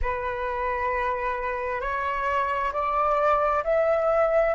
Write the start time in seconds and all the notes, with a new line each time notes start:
0.02 B4
1.81 C#5
2.72 D5
3.64 E5